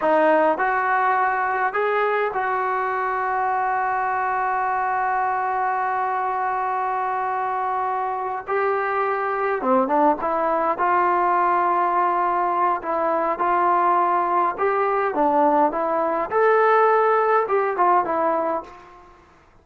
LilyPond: \new Staff \with { instrumentName = "trombone" } { \time 4/4 \tempo 4 = 103 dis'4 fis'2 gis'4 | fis'1~ | fis'1~ | fis'2~ fis'8 g'4.~ |
g'8 c'8 d'8 e'4 f'4.~ | f'2 e'4 f'4~ | f'4 g'4 d'4 e'4 | a'2 g'8 f'8 e'4 | }